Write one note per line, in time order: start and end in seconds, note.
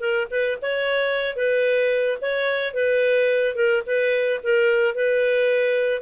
0.00 0.27 A#4
0.30 0.58 B4
0.62 1.36 C#5
1.36 2.18 B4
2.21 2.74 C#5
2.74 3.55 B4
3.55 3.83 A#4
3.86 4.40 B4
4.43 4.95 A#4
4.95 6.01 B4